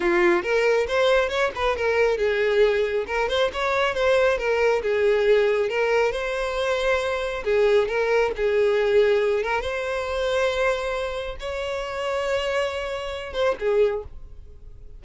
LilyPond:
\new Staff \with { instrumentName = "violin" } { \time 4/4 \tempo 4 = 137 f'4 ais'4 c''4 cis''8 b'8 | ais'4 gis'2 ais'8 c''8 | cis''4 c''4 ais'4 gis'4~ | gis'4 ais'4 c''2~ |
c''4 gis'4 ais'4 gis'4~ | gis'4. ais'8 c''2~ | c''2 cis''2~ | cis''2~ cis''8 c''8 gis'4 | }